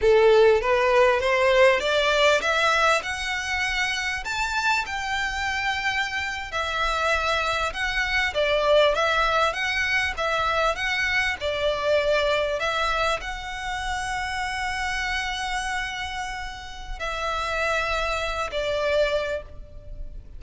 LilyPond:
\new Staff \with { instrumentName = "violin" } { \time 4/4 \tempo 4 = 99 a'4 b'4 c''4 d''4 | e''4 fis''2 a''4 | g''2~ g''8. e''4~ e''16~ | e''8. fis''4 d''4 e''4 fis''16~ |
fis''8. e''4 fis''4 d''4~ d''16~ | d''8. e''4 fis''2~ fis''16~ | fis''1 | e''2~ e''8 d''4. | }